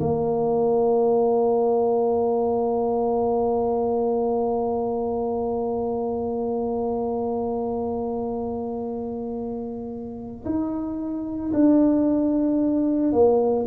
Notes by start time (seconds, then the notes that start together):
0.00 A#3
10.45 D#4
11.53 D4
13.12 A#3